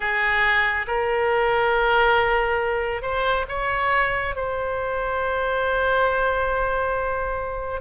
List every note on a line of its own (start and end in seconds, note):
0.00 0.86 G#4
0.87 3.02 A#4
3.02 3.45 C5
3.48 4.35 C#5
4.35 7.81 C5